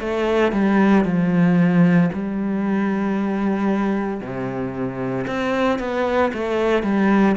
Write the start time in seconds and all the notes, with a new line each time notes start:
0.00 A3
0.53 G3
1.05 F3
2.13 G3
4.21 C3
5.28 C4
5.79 B3
6.34 A3
6.83 G3